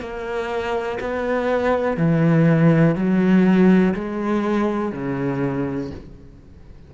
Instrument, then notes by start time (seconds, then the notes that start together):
cello
0.00 A#3
1.00 B3
1.97 E3
2.95 F#3
3.94 G#3
4.92 C#3